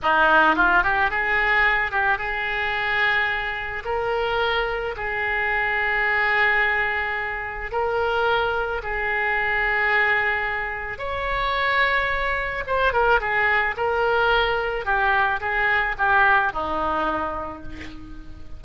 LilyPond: \new Staff \with { instrumentName = "oboe" } { \time 4/4 \tempo 4 = 109 dis'4 f'8 g'8 gis'4. g'8 | gis'2. ais'4~ | ais'4 gis'2.~ | gis'2 ais'2 |
gis'1 | cis''2. c''8 ais'8 | gis'4 ais'2 g'4 | gis'4 g'4 dis'2 | }